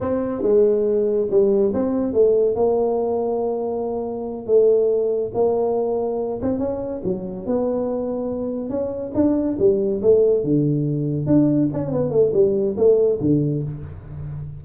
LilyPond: \new Staff \with { instrumentName = "tuba" } { \time 4/4 \tempo 4 = 141 c'4 gis2 g4 | c'4 a4 ais2~ | ais2~ ais8 a4.~ | a8 ais2~ ais8 c'8 cis'8~ |
cis'8 fis4 b2~ b8~ | b8 cis'4 d'4 g4 a8~ | a8 d2 d'4 cis'8 | b8 a8 g4 a4 d4 | }